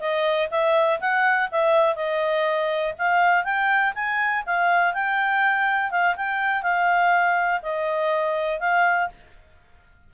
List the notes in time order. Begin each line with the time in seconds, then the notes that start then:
0.00 D#5
0.51 E5
1.01 F#5
1.52 E5
1.96 D#5
2.99 F5
3.44 G5
3.95 G#5
4.46 F5
4.94 G5
5.91 F5
6.16 G5
6.63 F5
7.63 D#5
8.60 F5